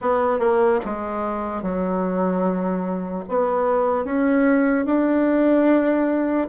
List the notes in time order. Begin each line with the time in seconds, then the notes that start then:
0.01 B3
0.39 A#3
0.85 G#3
1.62 F#3
3.28 B3
4.04 C#4
4.85 D4